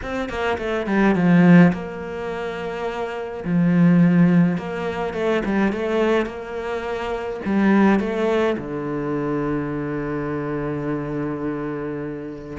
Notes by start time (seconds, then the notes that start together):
0.02 C4
0.29 A#3
0.58 A3
0.86 G3
1.15 F3
1.72 A#3
3.44 F3
4.57 A#3
5.13 A3
5.45 G3
5.72 A3
6.26 A#3
7.45 G3
7.99 A3
8.57 D3